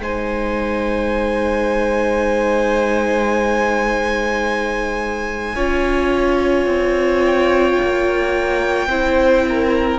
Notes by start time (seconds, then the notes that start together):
0.00 G#3 D#4 C5 G#5
5.56 C#4 F4 C#5
6.66 C4
7.26 G5
7.83 A#3
8.88 C4 E4 C5
9.49 A#4